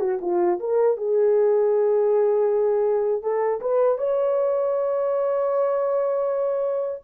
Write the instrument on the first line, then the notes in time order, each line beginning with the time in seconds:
horn
0.00 F#4
0.21 F4
0.60 A#4
0.97 G#4
3.22 A4
3.61 B4
3.98 C#5